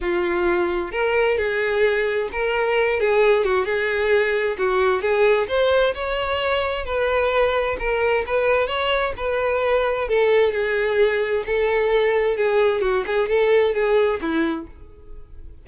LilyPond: \new Staff \with { instrumentName = "violin" } { \time 4/4 \tempo 4 = 131 f'2 ais'4 gis'4~ | gis'4 ais'4. gis'4 fis'8 | gis'2 fis'4 gis'4 | c''4 cis''2 b'4~ |
b'4 ais'4 b'4 cis''4 | b'2 a'4 gis'4~ | gis'4 a'2 gis'4 | fis'8 gis'8 a'4 gis'4 e'4 | }